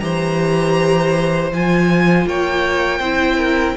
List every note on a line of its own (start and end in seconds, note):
0.00 1.52 E3
0.00 1.52 G4
0.00 2.28 C5
0.00 1.50 A#5
1.52 2.27 F3
1.52 3.03 F4
1.52 2.29 G#5
2.27 3.00 A#3
2.27 2.99 C#5
2.27 3.78 G5
2.99 3.75 C4
2.99 3.78 E4
2.99 3.37 C5
3.38 3.75 A#4